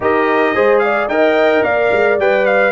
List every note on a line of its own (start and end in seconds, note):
0.00 0.54 D#4
0.00 0.55 G4
0.00 0.55 A#4
0.00 0.79 D#5
0.55 1.07 G#3
0.55 1.10 G#4
0.55 0.82 C5
0.79 1.11 D5
0.79 1.06 F5
1.07 1.62 D#4
1.07 2.19 A#4
1.07 1.64 D#5
1.07 1.63 G5
1.62 1.90 A#3
1.62 2.71 D5
1.62 2.17 F5
1.92 2.18 G#3
2.18 2.71 G3
2.18 2.71 B4
2.18 2.45 G5
2.45 2.71 F5